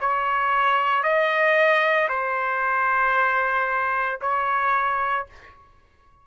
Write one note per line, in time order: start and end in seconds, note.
0.00 1.03 C#5
1.03 2.08 D#5
2.09 4.19 C5
4.21 5.26 C#5